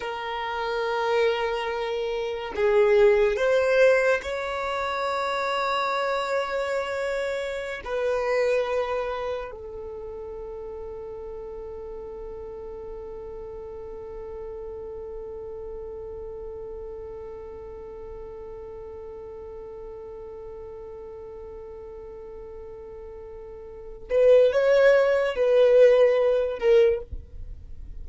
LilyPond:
\new Staff \with { instrumentName = "violin" } { \time 4/4 \tempo 4 = 71 ais'2. gis'4 | c''4 cis''2.~ | cis''4~ cis''16 b'2 a'8.~ | a'1~ |
a'1~ | a'1~ | a'1~ | a'8 b'8 cis''4 b'4. ais'8 | }